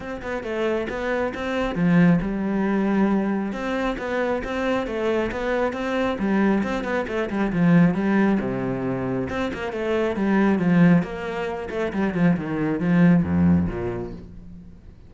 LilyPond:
\new Staff \with { instrumentName = "cello" } { \time 4/4 \tempo 4 = 136 c'8 b8 a4 b4 c'4 | f4 g2. | c'4 b4 c'4 a4 | b4 c'4 g4 c'8 b8 |
a8 g8 f4 g4 c4~ | c4 c'8 ais8 a4 g4 | f4 ais4. a8 g8 f8 | dis4 f4 f,4 ais,4 | }